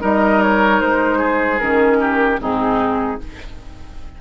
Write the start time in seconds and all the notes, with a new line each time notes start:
0.00 G3 D#4 A#4 D#5
0.42 C#5
0.81 G#3 C5
1.18 G#4
1.59 D#3 C#4 A#4
2.00 G4
2.39 G#2 C4 D#4 G#4